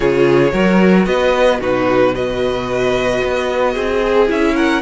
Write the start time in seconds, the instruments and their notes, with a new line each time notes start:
0.00 cello C#3, viola F4, violin G#4 C#5
0.51 cello F#3, viola F#4, violin A#4
1.05 cello B3, violin B4 D#5
1.60 cello B2, viola D#4, violin F#4 B4
2.14 viola F#4, violin B4 D#5
3.23 cello B3
3.72 cello C4, violin G#4
4.01 viola G#4
4.27 cello C#4, viola E4, violin E5
4.55 violin A#4 F#5